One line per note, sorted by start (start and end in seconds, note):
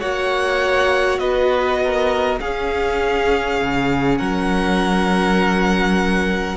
0.00 1.19 A#3
0.00 2.41 F#4
0.00 1.20 C#5
0.00 1.19 F#5
1.19 2.39 B3
1.19 1.80 B4
1.19 2.39 D#5
1.84 2.41 A#4
2.41 3.61 C#4
2.41 6.57 C#4
2.41 4.18 G#4
2.41 4.18 F5
3.62 4.20 C#3
4.18 6.57 F#3
4.18 6.57 A#4
4.18 6.57 F#5